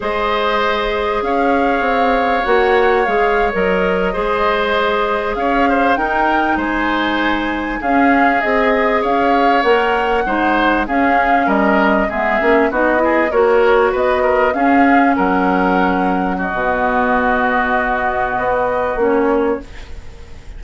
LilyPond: <<
  \new Staff \with { instrumentName = "flute" } { \time 4/4 \tempo 4 = 98 dis''2 f''2 | fis''4 f''8. dis''2~ dis''16~ | dis''8. f''4 g''4 gis''4~ gis''16~ | gis''8. f''4 dis''4 f''4 fis''16~ |
fis''4.~ fis''16 f''4 dis''4 e''16~ | e''8. dis''4 cis''4 dis''4 f''16~ | f''8. fis''2 dis''4~ dis''16~ | dis''2. cis''4 | }
  \new Staff \with { instrumentName = "oboe" } { \time 4/4 c''2 cis''2~ | cis''2~ cis''8. c''4~ c''16~ | c''8. cis''8 c''8 ais'4 c''4~ c''16~ | c''8. gis'2 cis''4~ cis''16~ |
cis''8. c''4 gis'4 ais'4 gis'16~ | gis'8. fis'8 gis'8 ais'4 b'8 ais'8 gis'16~ | gis'8. ais'2 fis'4~ fis'16~ | fis'1 | }
  \new Staff \with { instrumentName = "clarinet" } { \time 4/4 gis'1 | fis'4 gis'8. ais'4 gis'4~ gis'16~ | gis'4.~ gis'16 dis'2~ dis'16~ | dis'8. cis'4 gis'2 ais'16~ |
ais'8. dis'4 cis'2 b16~ | b16 cis'8 dis'8 e'8 fis'2 cis'16~ | cis'2. b4~ | b2. cis'4 | }
  \new Staff \with { instrumentName = "bassoon" } { \time 4/4 gis2 cis'4 c'4 | ais4 gis8. fis4 gis4~ gis16~ | gis8. cis'4 dis'4 gis4~ gis16~ | gis8. cis'4 c'4 cis'4 ais16~ |
ais8. gis4 cis'4 g4 gis16~ | gis16 ais8 b4 ais4 b4 cis'16~ | cis'8. fis2~ fis16 b,4~ | b,2 b4 ais4 | }
>>